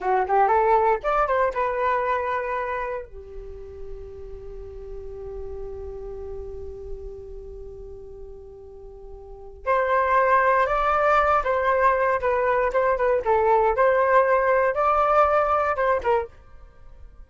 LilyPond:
\new Staff \with { instrumentName = "flute" } { \time 4/4 \tempo 4 = 118 fis'8 g'8 a'4 d''8 c''8 b'4~ | b'2 g'2~ | g'1~ | g'1~ |
g'2. c''4~ | c''4 d''4. c''4. | b'4 c''8 b'8 a'4 c''4~ | c''4 d''2 c''8 ais'8 | }